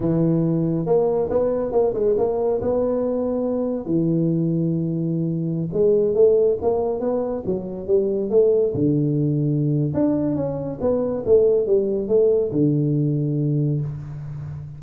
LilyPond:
\new Staff \with { instrumentName = "tuba" } { \time 4/4 \tempo 4 = 139 e2 ais4 b4 | ais8 gis8 ais4 b2~ | b4 e2.~ | e4~ e16 gis4 a4 ais8.~ |
ais16 b4 fis4 g4 a8.~ | a16 d2~ d8. d'4 | cis'4 b4 a4 g4 | a4 d2. | }